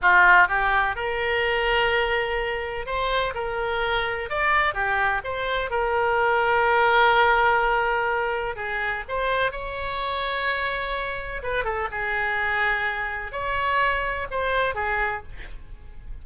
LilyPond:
\new Staff \with { instrumentName = "oboe" } { \time 4/4 \tempo 4 = 126 f'4 g'4 ais'2~ | ais'2 c''4 ais'4~ | ais'4 d''4 g'4 c''4 | ais'1~ |
ais'2 gis'4 c''4 | cis''1 | b'8 a'8 gis'2. | cis''2 c''4 gis'4 | }